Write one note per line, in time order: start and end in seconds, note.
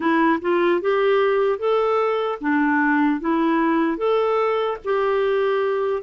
0.00 0.39 E4
0.41 0.81 F4
0.81 1.58 G4
1.58 2.38 A4
2.40 3.20 D4
3.20 3.97 E4
3.97 4.77 A4
4.84 6.02 G4